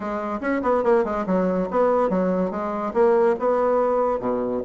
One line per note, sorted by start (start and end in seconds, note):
0.00 0.39 G#3
0.40 0.61 C#4
0.62 0.83 B3
0.83 1.04 A#3
1.04 1.25 G#3
1.26 1.68 F#3
1.71 2.09 B3
2.09 2.50 F#3
2.50 2.92 G#3
2.93 3.35 A#3
3.39 4.19 B3
4.19 4.61 B2